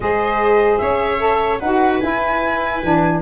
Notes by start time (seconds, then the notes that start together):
0.00 G#3 G#4 C5 D#5
0.77 C#4 C#5 E5
1.19 A4
1.59 D#4 F#4 B4 F#5
2.00 E4 G#5
2.82 E3 D4